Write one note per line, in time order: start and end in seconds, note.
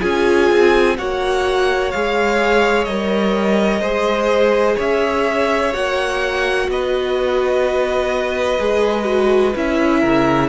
0.00 0.51 C#4
0.00 0.96 F4
0.00 0.95 G#4
0.00 0.96 G#5
0.51 0.98 C4
0.98 1.94 A#3
0.98 1.93 F#4
0.98 3.81 C#5
0.98 1.91 F#5
1.91 2.87 G#3
1.91 2.88 G#4
1.91 2.84 F5
2.84 3.81 G3
2.84 3.84 A#4
2.84 4.75 D#5
3.81 4.76 G#3
3.81 5.73 G#4
3.81 4.76 C5
4.76 5.74 C#4
4.76 6.66 C#5
4.76 5.74 E5
5.73 6.68 A#3
5.73 8.59 F#4
5.73 6.70 F#5
6.68 8.59 B3
6.68 10.00 B4
6.68 9.56 D#5
8.59 9.55 G#3
8.59 9.05 G#4
9.05 9.52 F#4
9.55 10.03 C#4
9.55 10.49 E4
9.55 10.49 E5
10.00 10.49 C#3
10.00 10.47 A#4